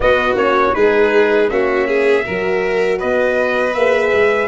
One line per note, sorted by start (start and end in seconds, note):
0.00 0.34 B3
0.00 0.36 B3
0.00 0.75 F#4
0.00 0.36 D#5
0.34 0.72 A#3
0.34 0.73 C#4
0.34 0.74 C#5
0.73 1.50 G#3
0.73 1.48 D#4
0.73 1.50 G#4
0.73 1.49 B4
1.48 2.25 A#3
1.48 2.23 C#4
1.48 1.87 F#4
1.48 2.99 E5
1.87 2.24 G#4
2.23 3.02 F#3
2.23 3.73 F#4
2.23 2.98 A#4
2.98 3.75 B3
2.98 4.48 B4
2.98 3.73 D#5
3.73 4.12 A#3
3.73 4.48 G#4
3.73 4.48 E5
4.12 4.48 G#3